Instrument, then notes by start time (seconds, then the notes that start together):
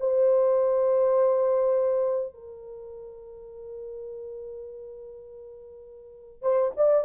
horn
0.00 C5
2.34 A#4
6.42 C5
6.77 D5